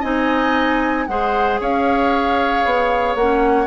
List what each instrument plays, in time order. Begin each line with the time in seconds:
0.00 bassoon C4, clarinet D#4, oboe D#5, flute G#5
1.07 bassoon G#3, clarinet G#4, oboe C5, flute F#5
1.60 bassoon C#4, oboe C#5, flute F5
2.65 bassoon B3
3.15 bassoon A#3, clarinet C#4, flute F#5